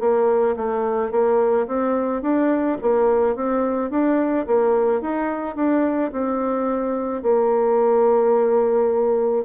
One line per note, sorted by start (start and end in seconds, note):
0.00 0.56 A#3
0.57 1.12 A3
1.12 1.67 A#3
1.68 2.22 C4
2.22 2.78 D4
2.82 3.36 A#3
3.36 3.91 C4
3.91 4.46 D4
4.47 5.02 A#3
5.02 5.56 D#4
5.56 6.12 D4
6.12 7.23 C4
7.23 9.45 A#3